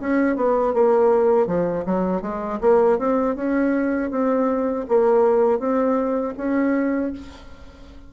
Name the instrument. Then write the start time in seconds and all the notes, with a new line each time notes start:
bassoon
0.00 C#4
0.36 B3
0.74 A#3
1.47 F3
1.85 F#3
2.22 G#3
2.61 A#3
2.98 C4
3.36 C#4
4.11 C4
4.88 A#3
5.59 C4
6.38 C#4